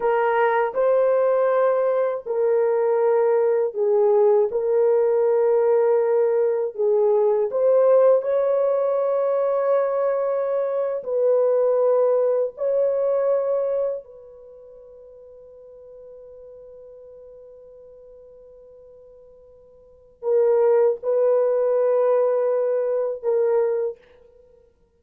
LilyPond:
\new Staff \with { instrumentName = "horn" } { \time 4/4 \tempo 4 = 80 ais'4 c''2 ais'4~ | ais'4 gis'4 ais'2~ | ais'4 gis'4 c''4 cis''4~ | cis''2~ cis''8. b'4~ b'16~ |
b'8. cis''2 b'4~ b'16~ | b'1~ | b'2. ais'4 | b'2. ais'4 | }